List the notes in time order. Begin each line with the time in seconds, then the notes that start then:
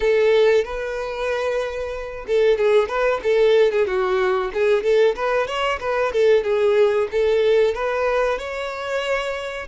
0.00 A4
0.64 B4
2.27 A4
2.58 G#4
2.88 B4
3.23 A4
3.71 G#4
3.87 F#4
4.53 G#4
4.83 A4
5.15 B4
5.47 C#5
5.79 B4
6.12 A4
6.43 G#4
7.11 A4
7.74 B4
8.38 C#5